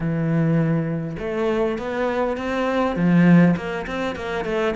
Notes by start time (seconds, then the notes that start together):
0.00 E3
1.19 A3
1.78 B3
2.37 C4
2.95 F3
3.56 A#3
3.86 C4
4.15 A#3
4.44 A3